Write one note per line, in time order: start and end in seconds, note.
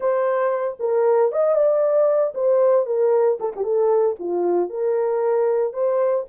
0.00 0.77 C5
0.79 1.31 A#4
1.32 1.55 D#5
1.55 2.33 D5
2.34 2.86 C5
2.86 3.38 A#4
3.39 3.52 A4
3.55 3.63 G4
3.63 4.15 A4
4.19 4.69 F4
4.69 5.72 A#4
5.72 6.25 C5